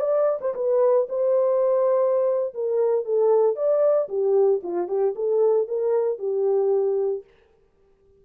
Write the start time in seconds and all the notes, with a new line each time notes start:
0.00 D5
0.41 C5
0.55 B4
1.09 C5
2.54 A#4
3.05 A4
3.56 D5
4.09 G4
4.63 F4
4.88 G4
5.16 A4
5.68 A#4
6.19 G4